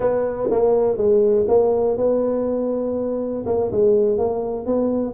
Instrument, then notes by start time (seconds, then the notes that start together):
tuba
0.00 B3
0.50 A#3
0.97 G#3
1.48 A#3
1.97 B3
3.46 A#3
3.71 G#3
4.18 A#3
4.66 B3